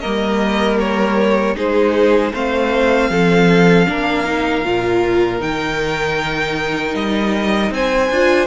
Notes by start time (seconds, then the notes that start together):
0.00 G3 A#3 A#4 D#5
0.79 C#5
1.55 G#3 D#4 G#4 C5
2.33 A3 C4 C5 F5
3.10 F3 A4
3.86 A#3 D4 A#4
4.24 D#4
4.65 A#2 F4
5.39 D#3 D#4 G5
6.94 G3 D#5
7.71 C4 C5 G#5
8.10 D4 F4